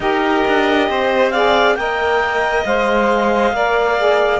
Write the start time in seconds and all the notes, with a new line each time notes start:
0.00 D#4 G4 A#4 D#5
0.47 D4
0.88 C4 C5
1.31 G#4 D5 F5
1.75 A#3 A#4 D#5 G5
2.65 G#3 C5 F5
3.52 A#3 A#4 D5
3.97 G#4